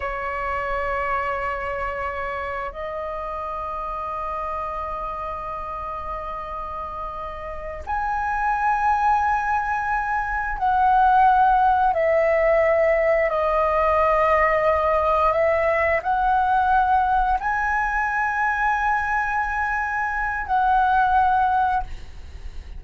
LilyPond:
\new Staff \with { instrumentName = "flute" } { \time 4/4 \tempo 4 = 88 cis''1 | dis''1~ | dis''2.~ dis''8 gis''8~ | gis''2.~ gis''8 fis''8~ |
fis''4. e''2 dis''8~ | dis''2~ dis''8 e''4 fis''8~ | fis''4. gis''2~ gis''8~ | gis''2 fis''2 | }